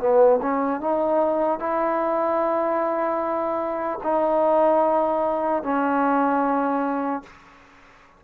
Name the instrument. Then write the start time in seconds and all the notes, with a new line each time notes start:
trombone
0.00 B3
0.42 C#4
0.81 D#4
1.59 E4
4.04 D#4
5.63 C#4